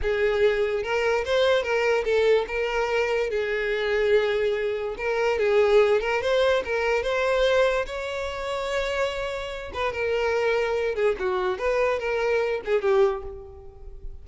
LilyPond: \new Staff \with { instrumentName = "violin" } { \time 4/4 \tempo 4 = 145 gis'2 ais'4 c''4 | ais'4 a'4 ais'2 | gis'1 | ais'4 gis'4. ais'8 c''4 |
ais'4 c''2 cis''4~ | cis''2.~ cis''8 b'8 | ais'2~ ais'8 gis'8 fis'4 | b'4 ais'4. gis'8 g'4 | }